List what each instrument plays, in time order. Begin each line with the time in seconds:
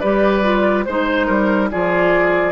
0.00 bassoon G3, clarinet G4, oboe B4, flute D5
0.43 clarinet F4
0.85 bassoon G#3, clarinet D#4, flute C5, oboe C5
1.27 bassoon G3, oboe A#4
1.71 bassoon F3, clarinet F4, oboe G#4, flute D5